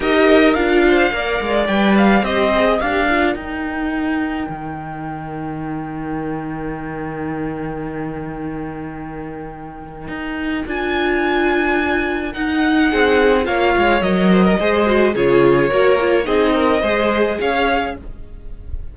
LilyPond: <<
  \new Staff \with { instrumentName = "violin" } { \time 4/4 \tempo 4 = 107 dis''4 f''2 g''8 f''8 | dis''4 f''4 g''2~ | g''1~ | g''1~ |
g''2. gis''4~ | gis''2 fis''2 | f''4 dis''2 cis''4~ | cis''4 dis''2 f''4 | }
  \new Staff \with { instrumentName = "violin" } { \time 4/4 ais'4. c''8 d''2 | c''4 ais'2.~ | ais'1~ | ais'1~ |
ais'1~ | ais'2. gis'4 | cis''4. c''16 ais'16 c''4 gis'4 | ais'4 gis'8 ais'8 c''4 cis''4 | }
  \new Staff \with { instrumentName = "viola" } { \time 4/4 g'4 f'4 ais'4 b'4 | g'8 gis'8 g'8 f'8 dis'2~ | dis'1~ | dis'1~ |
dis'2. f'4~ | f'2 dis'2 | f'4 ais'4 gis'8 fis'8 f'4 | fis'8 f'8 dis'4 gis'2 | }
  \new Staff \with { instrumentName = "cello" } { \time 4/4 dis'4 d'4 ais8 gis8 g4 | c'4 d'4 dis'2 | dis1~ | dis1~ |
dis2 dis'4 d'4~ | d'2 dis'4 c'4 | ais8 gis8 fis4 gis4 cis4 | ais4 c'4 gis4 cis'4 | }
>>